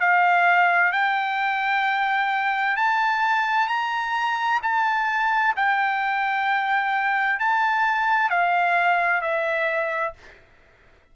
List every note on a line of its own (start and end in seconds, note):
0.00 0.92 F5
0.92 2.77 G5
2.77 3.68 A5
3.68 4.60 A#5
4.63 5.55 A5
5.56 7.39 G5
7.39 8.30 A5
8.30 9.21 F5
9.21 10.14 E5